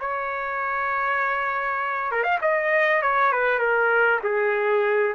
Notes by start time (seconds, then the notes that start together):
0.00 C#5
2.11 A#4
2.23 F5
2.41 D#5
3.02 C#5
3.32 B4
3.59 A#4
4.23 G#4